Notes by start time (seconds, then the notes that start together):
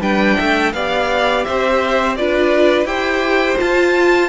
0.00 G3 D4 B4 G5
0.36 A3 E5
0.73 B3 G4 D5 F5
1.44 C4 C5 E5
2.16 D4 F4 B4 D5
2.84 E4 G4 C5 G5
3.57 F4 A5